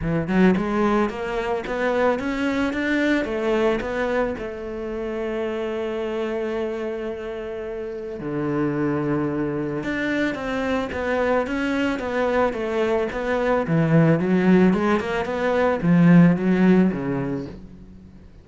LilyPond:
\new Staff \with { instrumentName = "cello" } { \time 4/4 \tempo 4 = 110 e8 fis8 gis4 ais4 b4 | cis'4 d'4 a4 b4 | a1~ | a2. d4~ |
d2 d'4 c'4 | b4 cis'4 b4 a4 | b4 e4 fis4 gis8 ais8 | b4 f4 fis4 cis4 | }